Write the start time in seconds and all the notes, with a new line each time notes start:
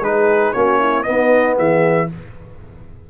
0.00 G#3 D#4 G#4 B4
0.53 A#3 C#4 F#4 C#5
0.79 E4
1.03 B3 D#4 D#5
1.57 E3 G#4 E5